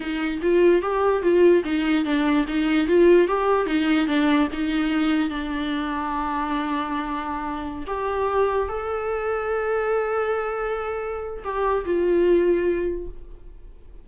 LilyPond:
\new Staff \with { instrumentName = "viola" } { \time 4/4 \tempo 4 = 147 dis'4 f'4 g'4 f'4 | dis'4 d'4 dis'4 f'4 | g'4 dis'4 d'4 dis'4~ | dis'4 d'2.~ |
d'2.~ d'16 g'8.~ | g'4~ g'16 a'2~ a'8.~ | a'1 | g'4 f'2. | }